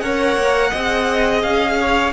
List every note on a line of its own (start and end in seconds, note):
0.00 0.36 C#4
0.00 0.72 A#4
0.00 0.70 C#5
0.00 1.41 F#5
0.36 0.72 A#3
0.70 1.44 C4
0.70 2.13 G#4
0.70 1.76 D#5
1.42 2.13 C#4
1.42 2.13 F5
1.81 2.13 C#5